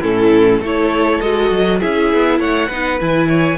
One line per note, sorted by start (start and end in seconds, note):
0.00 0.61 A2
0.00 0.62 C#4
0.00 0.59 E4
0.00 0.62 A4
0.61 1.20 A3
0.61 1.22 E4
0.61 1.80 A4
0.61 1.21 C#5
1.21 1.51 G#3
1.21 1.81 F#4
1.21 1.80 D#5
1.51 1.81 F#3
1.80 2.13 C#4
1.80 2.70 E4
1.80 2.39 G#4
1.80 2.40 E5
2.13 2.40 B3
2.39 2.69 A3
2.39 2.68 C#5
2.39 3.00 F#5
2.68 3.00 B3
2.68 3.00 D#4
2.68 3.27 B4
3.00 3.58 E3
3.00 3.58 E4
3.00 3.58 G#5
3.28 3.58 C#5